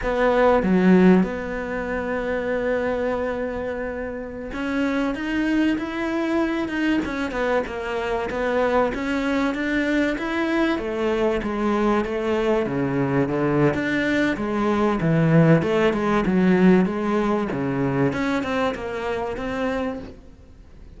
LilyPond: \new Staff \with { instrumentName = "cello" } { \time 4/4 \tempo 4 = 96 b4 fis4 b2~ | b2.~ b16 cis'8.~ | cis'16 dis'4 e'4. dis'8 cis'8 b16~ | b16 ais4 b4 cis'4 d'8.~ |
d'16 e'4 a4 gis4 a8.~ | a16 cis4 d8. d'4 gis4 | e4 a8 gis8 fis4 gis4 | cis4 cis'8 c'8 ais4 c'4 | }